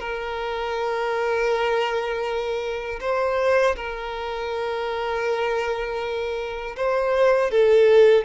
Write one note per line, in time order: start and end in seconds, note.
0.00 3.00 A#4
3.01 3.76 C5
3.76 6.76 A#4
6.77 7.51 C5
7.51 8.25 A4